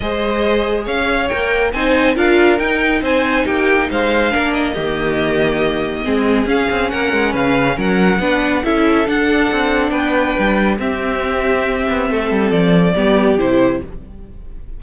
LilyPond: <<
  \new Staff \with { instrumentName = "violin" } { \time 4/4 \tempo 4 = 139 dis''2 f''4 g''4 | gis''4 f''4 g''4 gis''4 | g''4 f''4. dis''4.~ | dis''2. f''4 |
fis''4 f''4 fis''2 | e''4 fis''2 g''4~ | g''4 e''2.~ | e''4 d''2 c''4 | }
  \new Staff \with { instrumentName = "violin" } { \time 4/4 c''2 cis''2 | c''4 ais'2 c''4 | g'4 c''4 ais'4 g'4~ | g'2 gis'2 |
ais'4 b'4 ais'4 b'4 | a'2. b'4~ | b'4 g'2. | a'2 g'2 | }
  \new Staff \with { instrumentName = "viola" } { \time 4/4 gis'2. ais'4 | dis'4 f'4 dis'2~ | dis'2 d'4 ais4~ | ais2 c'4 cis'4~ |
cis'2. d'4 | e'4 d'2.~ | d'4 c'2.~ | c'2 b4 e'4 | }
  \new Staff \with { instrumentName = "cello" } { \time 4/4 gis2 cis'4 ais4 | c'4 d'4 dis'4 c'4 | ais4 gis4 ais4 dis4~ | dis2 gis4 cis'8 c'8 |
ais8 gis8 cis4 fis4 b4 | cis'4 d'4 c'4 b4 | g4 c'2~ c'8 b8 | a8 g8 f4 g4 c4 | }
>>